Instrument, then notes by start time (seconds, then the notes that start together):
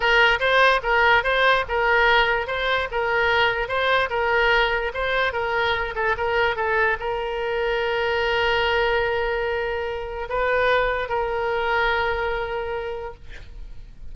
oboe
0.00 A#4
0.39 C5
0.82 A#4
1.23 C5
1.68 A#4
2.47 C5
2.91 A#4
3.68 C5
4.09 A#4
4.94 C5
5.32 A#4
5.95 A4
6.17 A#4
6.55 A4
6.99 A#4
10.29 B4
11.08 A#4